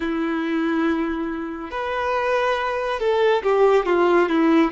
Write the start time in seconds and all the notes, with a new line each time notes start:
0.00 E4
1.71 B4
2.99 A4
3.42 G4
3.85 F4
4.28 E4